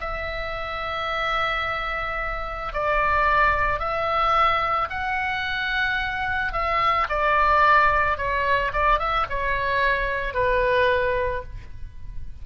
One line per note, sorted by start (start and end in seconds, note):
0.00 2.73 E5
2.73 3.79 D5
3.79 4.88 E5
4.89 6.53 F#5
6.53 7.07 E5
7.09 8.17 D5
8.17 8.71 C#5
8.73 8.99 D5
8.99 9.26 E5
9.29 10.33 C#5
10.33 11.42 B4